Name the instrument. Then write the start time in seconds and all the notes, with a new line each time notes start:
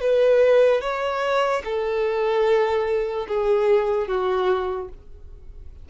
violin
0.00 B4
0.81 C#5
1.64 A4
3.28 G#4
4.07 F#4